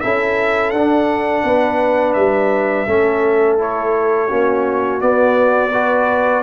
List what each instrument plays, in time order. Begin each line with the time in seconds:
0.00 tuba C#4, trombone E4, horn A4, trumpet E5
0.70 tuba D4, trombone D4, trumpet F#5
1.44 tuba B3, horn B4
2.13 tuba G3, trumpet E5
2.87 tuba A3, trombone C#4, horn A4
3.58 trombone E4, trumpet C#5
4.28 tuba A#3, trombone C#4, horn F#4
4.99 trombone B3, tuba B3, trumpet D5
5.72 trombone F#4, horn B4